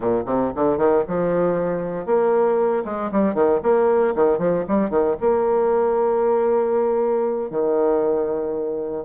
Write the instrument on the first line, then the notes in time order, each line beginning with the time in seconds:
bassoon
0.00 A#2
0.26 C3
0.55 D3
0.77 D#3
1.07 F3
2.05 A#3
2.84 G#3
3.11 G3
3.34 D#3
3.62 A#3
4.15 D#3
4.38 F3
4.68 G3
4.89 D#3
5.20 A#3
7.50 D#3